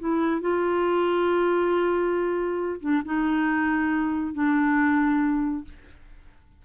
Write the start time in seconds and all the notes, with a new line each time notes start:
0.00 E4
0.42 F4
2.81 D4
3.06 D#4
4.34 D4